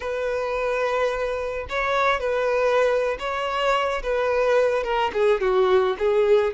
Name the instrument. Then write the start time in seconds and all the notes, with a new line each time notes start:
violin
0.00 B4
1.69 C#5
2.19 B4
3.19 C#5
4.03 B4
4.83 A#4
5.13 G#4
5.40 F#4
5.98 G#4